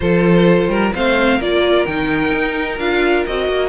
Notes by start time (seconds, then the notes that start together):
0.00 F3 F4 A4 C5
0.68 G3 A#4
0.95 A3 C4 C5 F5
1.37 A#3 F4 A#4 D5
1.85 D#3 D#4 G5
2.31 D#4
2.78 D4 F4 F5
3.26 C4 F#4 D#5
3.48 A#3